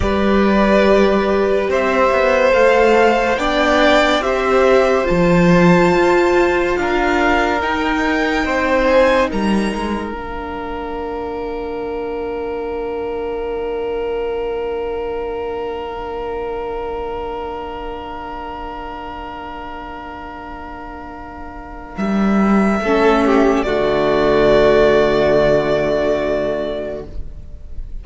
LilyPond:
<<
  \new Staff \with { instrumentName = "violin" } { \time 4/4 \tempo 4 = 71 d''2 e''4 f''4 | g''4 e''4 a''2 | f''4 g''4. gis''8 ais''4 | f''1~ |
f''1~ | f''1~ | f''2 e''2 | d''1 | }
  \new Staff \with { instrumentName = "violin" } { \time 4/4 b'2 c''2 | d''4 c''2. | ais'2 c''4 ais'4~ | ais'1~ |
ais'1~ | ais'1~ | ais'2. a'8 g'8 | fis'1 | }
  \new Staff \with { instrumentName = "viola" } { \time 4/4 g'2. a'4 | d'4 g'4 f'2~ | f'4 dis'2. | d'1~ |
d'1~ | d'1~ | d'2. cis'4 | a1 | }
  \new Staff \with { instrumentName = "cello" } { \time 4/4 g2 c'8 b8 a4 | b4 c'4 f4 f'4 | d'4 dis'4 c'4 g8 gis8 | ais1~ |
ais1~ | ais1~ | ais2 g4 a4 | d1 | }
>>